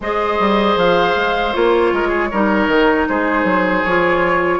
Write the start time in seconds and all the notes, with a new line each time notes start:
0.00 G#3 G#4 C5 D#5
0.39 G3
0.75 F3 F5
1.16 G#3
1.53 A#3 F4 C#5
1.92 G#3 A#4
2.08 G#4
2.31 G3 D#4 A#4
2.67 D#3
3.08 G#3 G#4 C5
3.44 F#3
3.84 F3 F4 C#5